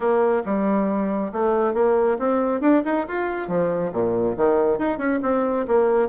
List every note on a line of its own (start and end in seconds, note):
0.00 0.42 A#3
0.45 1.32 G3
1.32 1.74 A3
1.74 2.17 A#3
2.18 2.60 C4
2.60 2.82 D4
2.84 3.06 D#4
3.07 3.48 F4
3.48 3.91 F3
3.92 4.36 A#2
4.37 4.78 D#3
4.78 4.98 D#4
4.98 5.19 C#4
5.22 5.66 C4
5.67 6.08 A#3